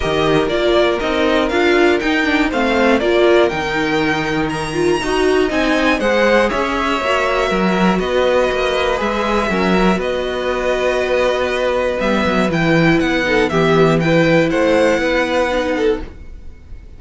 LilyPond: <<
  \new Staff \with { instrumentName = "violin" } { \time 4/4 \tempo 4 = 120 dis''4 d''4 dis''4 f''4 | g''4 f''4 d''4 g''4~ | g''4 ais''2 gis''4 | fis''4 e''2. |
dis''2 e''2 | dis''1 | e''4 g''4 fis''4 e''4 | g''4 fis''2. | }
  \new Staff \with { instrumentName = "violin" } { \time 4/4 ais'1~ | ais'4 c''4 ais'2~ | ais'2 dis''2 | c''4 cis''2 ais'4 |
b'2. ais'4 | b'1~ | b'2~ b'8 a'8 g'4 | b'4 c''4 b'4. a'8 | }
  \new Staff \with { instrumentName = "viola" } { \time 4/4 g'4 f'4 dis'4 f'4 | dis'8 d'8 c'4 f'4 dis'4~ | dis'4. f'8 fis'4 dis'4 | gis'2 fis'2~ |
fis'2 gis'4 cis'8 fis'8~ | fis'1 | b4 e'4. dis'8 b4 | e'2. dis'4 | }
  \new Staff \with { instrumentName = "cello" } { \time 4/4 dis4 ais4 c'4 d'4 | dis'4 a4 ais4 dis4~ | dis2 dis'4 c'4 | gis4 cis'4 ais4 fis4 |
b4 ais4 gis4 fis4 | b1 | g8 fis8 e4 b4 e4~ | e4 a4 b2 | }
>>